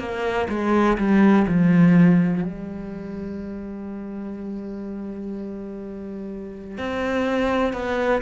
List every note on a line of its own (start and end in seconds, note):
0.00 0.48 A#3
0.49 0.98 G#3
0.98 1.46 G3
1.48 2.43 F3
2.43 6.78 G3
6.78 7.73 C4
7.73 8.22 B3